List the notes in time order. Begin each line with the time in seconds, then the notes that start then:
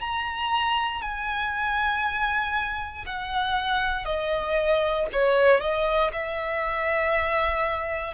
0.00 A#5
1.01 G#5
3.06 F#5
4.04 D#5
5.12 C#5
5.60 D#5
6.12 E5